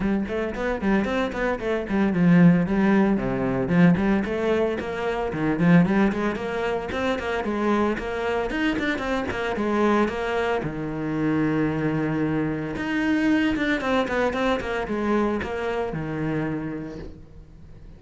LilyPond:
\new Staff \with { instrumentName = "cello" } { \time 4/4 \tempo 4 = 113 g8 a8 b8 g8 c'8 b8 a8 g8 | f4 g4 c4 f8 g8 | a4 ais4 dis8 f8 g8 gis8 | ais4 c'8 ais8 gis4 ais4 |
dis'8 d'8 c'8 ais8 gis4 ais4 | dis1 | dis'4. d'8 c'8 b8 c'8 ais8 | gis4 ais4 dis2 | }